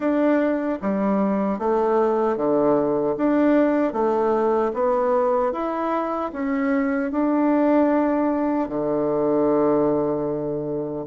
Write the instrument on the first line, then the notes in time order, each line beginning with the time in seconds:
bassoon
0.00 D4
0.81 G3
1.59 A3
2.36 D3
3.17 D4
3.93 A3
4.73 B3
5.52 E4
6.32 C#4
7.11 D4
8.68 D3